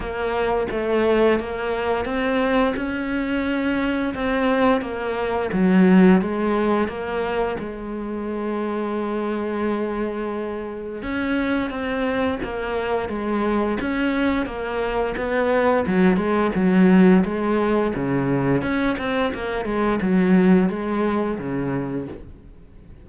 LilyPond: \new Staff \with { instrumentName = "cello" } { \time 4/4 \tempo 4 = 87 ais4 a4 ais4 c'4 | cis'2 c'4 ais4 | fis4 gis4 ais4 gis4~ | gis1 |
cis'4 c'4 ais4 gis4 | cis'4 ais4 b4 fis8 gis8 | fis4 gis4 cis4 cis'8 c'8 | ais8 gis8 fis4 gis4 cis4 | }